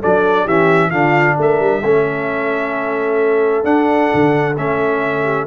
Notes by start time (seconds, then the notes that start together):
0.00 F#3 D4 A4 D5
0.44 E3 C#4 G4 E5
0.90 D3 D4 F4 F5
1.37 A3 A#4 E5
1.60 G3
1.83 A3 C#4 A4
3.64 D4 F#5
4.14 D3
4.57 A3 C#4 E5
5.23 G4